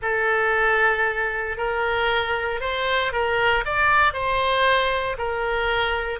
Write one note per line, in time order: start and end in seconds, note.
0.01 1.57 A4
1.57 2.60 A#4
2.60 3.12 C5
3.12 3.63 A#4
3.65 4.13 D5
4.13 5.16 C5
5.17 6.19 A#4